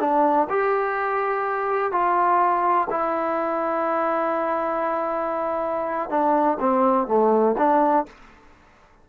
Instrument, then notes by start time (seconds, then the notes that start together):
trombone
0.00 D4
0.50 G4
1.92 F4
2.91 E4
6.10 D4
6.60 C4
7.08 A3
7.58 D4